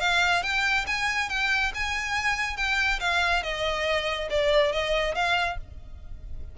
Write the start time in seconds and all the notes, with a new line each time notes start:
0.00 F5
0.43 G5
0.87 G#5
1.29 G5
1.74 G#5
2.57 G5
3.00 F5
3.43 D#5
4.30 D5
4.72 D#5
5.15 F5